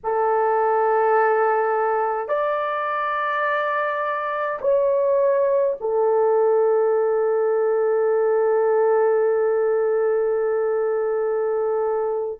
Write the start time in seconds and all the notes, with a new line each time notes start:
0.03 A4
2.28 D5
4.61 C#5
5.80 A4